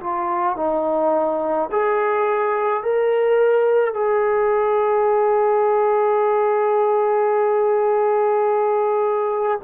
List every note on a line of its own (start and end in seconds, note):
0.00 0.56 F4
0.56 1.69 D#4
1.71 2.83 G#4
2.83 3.94 A#4
3.94 9.60 G#4